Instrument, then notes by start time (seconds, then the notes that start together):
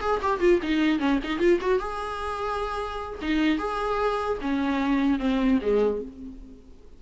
viola
0.00 G#4
0.22 G4
0.40 F4
0.62 D#4
0.99 C#4
1.23 D#4
1.39 F4
1.60 F#4
1.79 G#4
3.21 D#4
3.58 G#4
4.41 C#4
5.19 C4
5.61 G#3